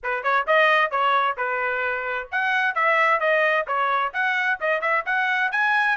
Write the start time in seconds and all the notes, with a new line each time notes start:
0.03 B4
0.23 C#5
0.46 D#5
0.90 C#5
1.37 B4
2.31 F#5
2.75 E5
3.20 D#5
3.67 C#5
4.13 F#5
4.60 D#5
4.81 E5
5.05 F#5
5.51 G#5